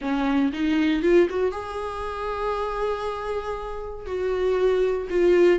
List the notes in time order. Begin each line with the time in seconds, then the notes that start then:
0.01 C#4
0.52 D#4
1.02 F4
1.29 F#4
1.51 G#4
4.05 F#4
5.09 F4